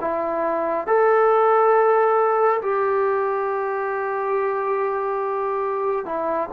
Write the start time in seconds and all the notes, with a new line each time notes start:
0.00 E4
0.87 A4
2.62 G4
6.05 E4